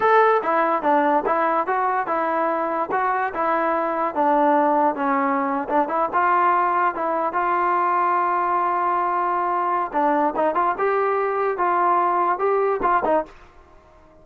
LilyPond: \new Staff \with { instrumentName = "trombone" } { \time 4/4 \tempo 4 = 145 a'4 e'4 d'4 e'4 | fis'4 e'2 fis'4 | e'2 d'2 | cis'4.~ cis'16 d'8 e'8 f'4~ f'16~ |
f'8. e'4 f'2~ f'16~ | f'1 | d'4 dis'8 f'8 g'2 | f'2 g'4 f'8 dis'8 | }